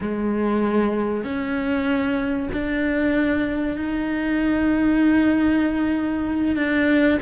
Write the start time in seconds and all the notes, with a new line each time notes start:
0.00 G#3
1.23 C#4
2.52 D4
3.77 D#4
6.55 D4